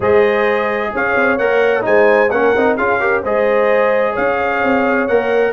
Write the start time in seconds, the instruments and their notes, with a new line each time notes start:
0.00 tuba G#3, trombone G#4, horn C5, trumpet D#5
0.94 tuba C#4, horn C#5, trumpet F5
1.15 tuba C4
1.37 tuba A#3, trombone A#4, trumpet F#5
1.81 tuba G#3, trombone D#4, horn C5, trumpet G#5
2.30 tuba A#3, trombone C#4, horn A#4, trumpet F#5
2.55 tuba C4, trombone D#4
2.76 tuba C#4, trombone F4, horn G#4, trumpet F5
2.99 trombone G4, horn A#4
3.22 tuba G#3, trombone G#4, horn C5, trumpet D#5
4.12 tuba C#4, horn C#5, trumpet F5
4.63 tuba C4
5.07 tuba A#3, trombone A#4, trumpet F#5